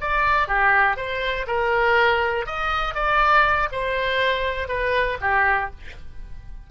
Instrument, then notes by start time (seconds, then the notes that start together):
oboe
0.00 D5
0.47 G4
0.96 C5
1.47 A#4
2.46 D#5
2.94 D5
3.71 C5
4.68 B4
5.21 G4